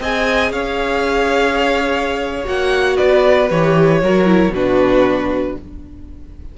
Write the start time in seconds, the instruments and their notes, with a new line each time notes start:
0.00 cello C4, viola G#4, violin D#5 G#5
0.52 cello C#4, violin C#5 F5
2.44 cello A#3, viola F#4, violin F#5
2.97 cello B3, violin B4 D5
3.50 cello E3, viola G4, violin C#5
4.02 cello F#3, viola F#4, violin A#4
4.26 viola E4
4.49 cello B2, viola D4, violin F#4 B4